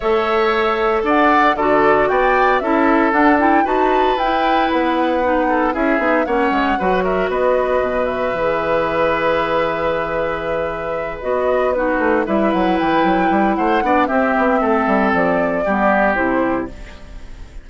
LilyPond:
<<
  \new Staff \with { instrumentName = "flute" } { \time 4/4 \tempo 4 = 115 e''2 fis''4 d''4 | g''4 e''4 fis''8 g''8 a''4 | g''4 fis''2 e''4 | fis''4. e''8 dis''4. e''8~ |
e''1~ | e''4. dis''4 b'4 e''8 | fis''8 g''4. fis''4 e''4~ | e''4 d''2 c''4 | }
  \new Staff \with { instrumentName = "oboe" } { \time 4/4 cis''2 d''4 a'4 | d''4 a'2 b'4~ | b'2~ b'8 a'8 gis'4 | cis''4 b'8 ais'8 b'2~ |
b'1~ | b'2~ b'8 fis'4 b'8~ | b'2 c''8 d''8 g'4 | a'2 g'2 | }
  \new Staff \with { instrumentName = "clarinet" } { \time 4/4 a'2. fis'4~ | fis'4 e'4 d'8 e'8 fis'4 | e'2 dis'4 e'8 dis'8 | cis'4 fis'2. |
gis'1~ | gis'4. fis'4 dis'4 e'8~ | e'2~ e'8 d'8 c'4~ | c'2 b4 e'4 | }
  \new Staff \with { instrumentName = "bassoon" } { \time 4/4 a2 d'4 d4 | b4 cis'4 d'4 dis'4 | e'4 b2 cis'8 b8 | ais8 gis8 fis4 b4 b,4 |
e1~ | e4. b4. a8 g8 | fis8 e8 fis8 g8 a8 b8 c'8 b8 | a8 g8 f4 g4 c4 | }
>>